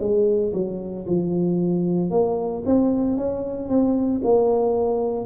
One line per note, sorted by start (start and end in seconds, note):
0.00 0.53 G#3
0.54 1.06 F#3
1.07 2.11 F3
2.11 2.64 A#3
2.66 3.18 C4
3.18 3.69 C#4
3.69 4.22 C4
4.24 5.26 A#3